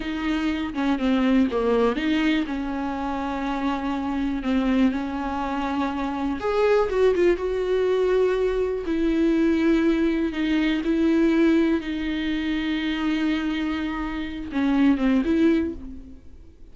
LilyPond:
\new Staff \with { instrumentName = "viola" } { \time 4/4 \tempo 4 = 122 dis'4. cis'8 c'4 ais4 | dis'4 cis'2.~ | cis'4 c'4 cis'2~ | cis'4 gis'4 fis'8 f'8 fis'4~ |
fis'2 e'2~ | e'4 dis'4 e'2 | dis'1~ | dis'4. cis'4 c'8 e'4 | }